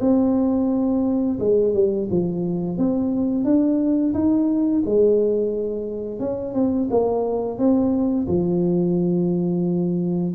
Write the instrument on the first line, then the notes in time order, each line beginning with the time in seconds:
tuba
0.00 C4
1.39 G#3
1.74 G3
2.11 F3
2.77 C4
3.44 D4
4.13 D#4
4.85 G#3
6.19 C#4
6.54 C4
6.90 A#3
7.58 C4
8.27 F3